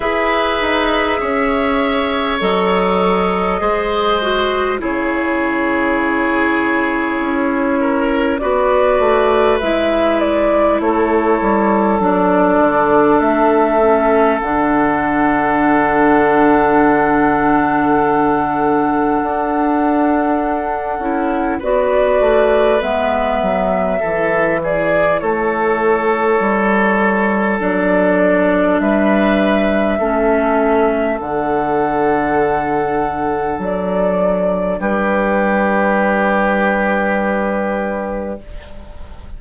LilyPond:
<<
  \new Staff \with { instrumentName = "flute" } { \time 4/4 \tempo 4 = 50 e''2 dis''2 | cis''2. d''4 | e''8 d''8 cis''4 d''4 e''4 | fis''1~ |
fis''2 d''4 e''4~ | e''8 d''8 cis''2 d''4 | e''2 fis''2 | d''4 b'2. | }
  \new Staff \with { instrumentName = "oboe" } { \time 4/4 b'4 cis''2 c''4 | gis'2~ gis'8 ais'8 b'4~ | b'4 a'2.~ | a'1~ |
a'2 b'2 | a'8 gis'8 a'2. | b'4 a'2.~ | a'4 g'2. | }
  \new Staff \with { instrumentName = "clarinet" } { \time 4/4 gis'2 a'4 gis'8 fis'8 | e'2. fis'4 | e'2 d'4. cis'8 | d'1~ |
d'4. e'8 fis'4 b4 | e'2. d'4~ | d'4 cis'4 d'2~ | d'1 | }
  \new Staff \with { instrumentName = "bassoon" } { \time 4/4 e'8 dis'8 cis'4 fis4 gis4 | cis2 cis'4 b8 a8 | gis4 a8 g8 fis8 d8 a4 | d1 |
d'4. cis'8 b8 a8 gis8 fis8 | e4 a4 g4 fis4 | g4 a4 d2 | fis4 g2. | }
>>